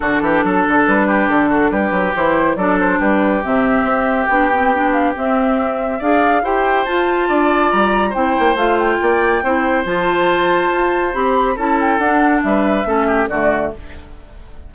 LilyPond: <<
  \new Staff \with { instrumentName = "flute" } { \time 4/4 \tempo 4 = 140 a'2 b'4 a'4 | b'4 c''4 d''8 c''8 b'4 | e''2 g''4. f''8 | e''2 f''4 g''4 |
a''2 ais''4 g''4 | f''8 g''2~ g''8 a''4~ | a''2 b''4 a''8 g''8 | fis''4 e''2 d''4 | }
  \new Staff \with { instrumentName = "oboe" } { \time 4/4 fis'8 g'8 a'4. g'4 fis'8 | g'2 a'4 g'4~ | g'1~ | g'2 d''4 c''4~ |
c''4 d''2 c''4~ | c''4 d''4 c''2~ | c''2. a'4~ | a'4 b'4 a'8 g'8 fis'4 | }
  \new Staff \with { instrumentName = "clarinet" } { \time 4/4 d'1~ | d'4 e'4 d'2 | c'2 d'8 c'8 d'4 | c'2 gis'4 g'4 |
f'2. e'4 | f'2 e'4 f'4~ | f'2 g'4 e'4 | d'2 cis'4 a4 | }
  \new Staff \with { instrumentName = "bassoon" } { \time 4/4 d8 e8 fis8 d8 g4 d4 | g8 fis8 e4 fis4 g4 | c4 c'4 b2 | c'2 d'4 e'4 |
f'4 d'4 g4 c'8 ais8 | a4 ais4 c'4 f4~ | f4 f'4 c'4 cis'4 | d'4 g4 a4 d4 | }
>>